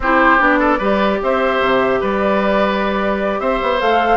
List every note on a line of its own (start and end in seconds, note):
0.00 0.38 C4
0.00 0.38 E4
0.00 0.59 G4
0.00 0.41 C5
0.38 0.79 B3
0.38 0.78 D4
0.38 1.21 D5
0.59 0.78 A4
0.78 1.19 G3
0.78 3.79 G4
0.78 1.18 B4
1.22 1.60 C4
1.22 2.00 C5
1.22 2.02 E5
1.60 2.00 C3
2.00 3.40 G3
2.00 3.40 B4
2.00 3.40 D5
3.40 3.60 C4
3.40 4.17 C5
3.40 3.80 E5
3.62 3.81 B3
3.79 4.17 A3
3.79 4.17 A4
3.79 4.17 F5